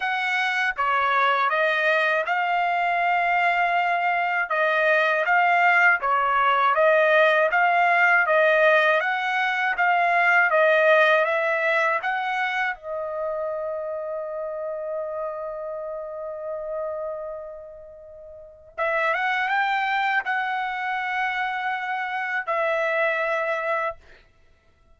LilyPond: \new Staff \with { instrumentName = "trumpet" } { \time 4/4 \tempo 4 = 80 fis''4 cis''4 dis''4 f''4~ | f''2 dis''4 f''4 | cis''4 dis''4 f''4 dis''4 | fis''4 f''4 dis''4 e''4 |
fis''4 dis''2.~ | dis''1~ | dis''4 e''8 fis''8 g''4 fis''4~ | fis''2 e''2 | }